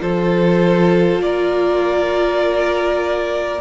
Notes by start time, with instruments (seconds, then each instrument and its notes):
0.00 cello F3, viola F4, violin A4 C5
1.18 cello A#3, violin D5
1.25 violin A#4